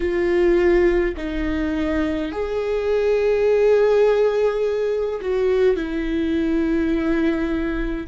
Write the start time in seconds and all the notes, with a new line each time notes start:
0.00 F4
1.16 D#4
2.32 G#4
5.21 F#4
5.76 E4